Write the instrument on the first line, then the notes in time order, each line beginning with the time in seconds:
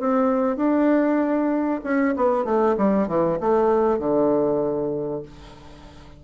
bassoon
0.00 C4
0.57 D4
1.84 C#4
2.16 B3
2.45 A3
2.78 G3
3.08 E3
3.41 A3
4.00 D3